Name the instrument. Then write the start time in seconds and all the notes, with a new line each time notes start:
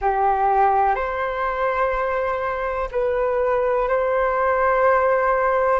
flute
0.00 G4
0.95 C5
2.91 B4
3.88 C5